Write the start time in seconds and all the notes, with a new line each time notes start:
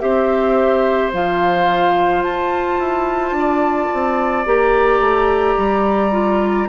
0.00 C4 G4 C5 E5
1.13 F3 F4 F5
2.23 F4 A5
2.79 E4
3.31 D4
3.39 D5
3.93 C4
4.46 A#3 G4 A#5
5.00 A3
5.57 G3
6.12 F4